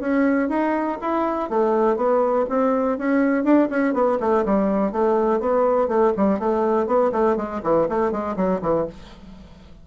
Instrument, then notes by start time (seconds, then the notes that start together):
bassoon
0.00 C#4
0.49 D#4
1.01 E4
1.50 A3
1.96 B3
2.49 C4
2.98 C#4
3.44 D4
3.70 C#4
3.94 B3
4.20 A3
4.45 G3
4.92 A3
5.40 B3
5.88 A3
6.17 G3
6.39 A3
6.87 B3
7.12 A3
7.36 G#3
7.63 E3
7.89 A3
8.11 G#3
8.37 F#3
8.62 E3